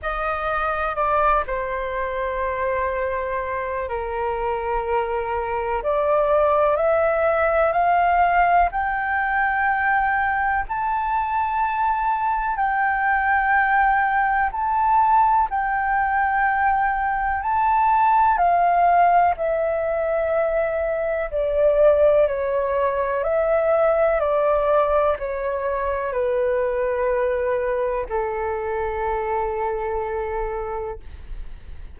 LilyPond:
\new Staff \with { instrumentName = "flute" } { \time 4/4 \tempo 4 = 62 dis''4 d''8 c''2~ c''8 | ais'2 d''4 e''4 | f''4 g''2 a''4~ | a''4 g''2 a''4 |
g''2 a''4 f''4 | e''2 d''4 cis''4 | e''4 d''4 cis''4 b'4~ | b'4 a'2. | }